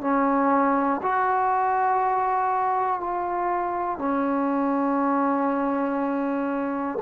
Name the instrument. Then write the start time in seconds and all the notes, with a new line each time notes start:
trombone
0.00 C#4
1.02 F#4
3.00 F4
3.98 C#4